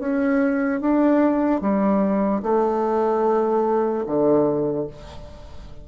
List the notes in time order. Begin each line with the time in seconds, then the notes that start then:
0.00 C#4
0.81 D4
1.61 G3
2.43 A3
4.07 D3